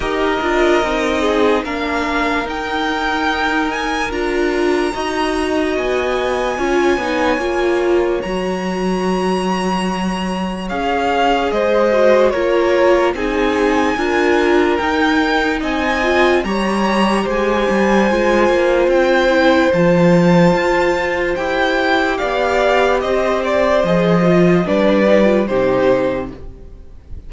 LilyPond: <<
  \new Staff \with { instrumentName = "violin" } { \time 4/4 \tempo 4 = 73 dis''2 f''4 g''4~ | g''8 gis''8 ais''2 gis''4~ | gis''2 ais''2~ | ais''4 f''4 dis''4 cis''4 |
gis''2 g''4 gis''4 | ais''4 gis''2 g''4 | a''2 g''4 f''4 | dis''8 d''8 dis''4 d''4 c''4 | }
  \new Staff \with { instrumentName = "violin" } { \time 4/4 ais'4. gis'8 ais'2~ | ais'2 dis''2 | cis''1~ | cis''2 c''4 ais'4 |
gis'4 ais'2 dis''4 | cis''4 c''2.~ | c''2. d''4 | c''2 b'4 g'4 | }
  \new Staff \with { instrumentName = "viola" } { \time 4/4 g'8 f'8 dis'4 d'4 dis'4~ | dis'4 f'4 fis'2 | f'8 dis'8 f'4 fis'2~ | fis'4 gis'4. fis'8 f'4 |
dis'4 f'4 dis'4. f'8 | g'2 f'4. e'8 | f'2 g'2~ | g'4 gis'8 f'8 d'8 dis'16 f'16 dis'4 | }
  \new Staff \with { instrumentName = "cello" } { \time 4/4 dis'8 d'8 c'4 ais4 dis'4~ | dis'4 d'4 dis'4 b4 | cis'8 b8 ais4 fis2~ | fis4 cis'4 gis4 ais4 |
c'4 d'4 dis'4 c'4 | g4 gis8 g8 gis8 ais8 c'4 | f4 f'4 e'4 b4 | c'4 f4 g4 c4 | }
>>